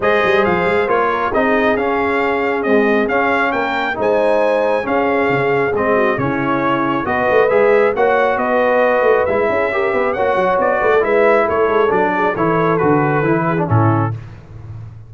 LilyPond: <<
  \new Staff \with { instrumentName = "trumpet" } { \time 4/4 \tempo 4 = 136 dis''4 f''4 cis''4 dis''4 | f''2 dis''4 f''4 | g''4 gis''2 f''4~ | f''4 dis''4 cis''2 |
dis''4 e''4 fis''4 dis''4~ | dis''4 e''2 fis''4 | d''4 e''4 cis''4 d''4 | cis''4 b'2 a'4 | }
  \new Staff \with { instrumentName = "horn" } { \time 4/4 c''2~ c''8 ais'8 gis'4~ | gis'1 | ais'4 c''2 gis'4~ | gis'4. fis'8 e'2 |
b'2 cis''4 b'4~ | b'4. gis'8 ais'8 b'8 cis''4~ | cis''8 b'16 a'16 b'4 a'4. gis'8 | a'2~ a'8 gis'8 e'4 | }
  \new Staff \with { instrumentName = "trombone" } { \time 4/4 gis'2 f'4 dis'4 | cis'2 gis4 cis'4~ | cis'4 dis'2 cis'4~ | cis'4 c'4 cis'2 |
fis'4 gis'4 fis'2~ | fis'4 e'4 g'4 fis'4~ | fis'4 e'2 d'4 | e'4 fis'4 e'8. d'16 cis'4 | }
  \new Staff \with { instrumentName = "tuba" } { \time 4/4 gis8 g8 f8 gis8 ais4 c'4 | cis'2 c'4 cis'4 | ais4 gis2 cis'4 | cis4 gis4 cis2 |
b8 a8 gis4 ais4 b4~ | b8 a8 gis8 cis'4 b8 ais8 fis8 | b8 a8 gis4 a8 gis8 fis4 | e4 d4 e4 a,4 | }
>>